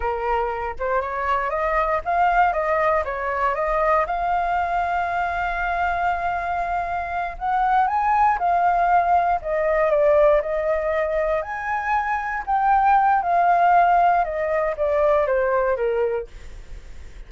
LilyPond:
\new Staff \with { instrumentName = "flute" } { \time 4/4 \tempo 4 = 118 ais'4. c''8 cis''4 dis''4 | f''4 dis''4 cis''4 dis''4 | f''1~ | f''2~ f''8 fis''4 gis''8~ |
gis''8 f''2 dis''4 d''8~ | d''8 dis''2 gis''4.~ | gis''8 g''4. f''2 | dis''4 d''4 c''4 ais'4 | }